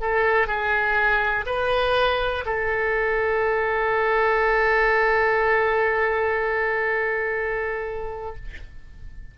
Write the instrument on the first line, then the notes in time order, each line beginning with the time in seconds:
oboe
0.00 A4
0.46 G#4
1.46 B4
2.45 A4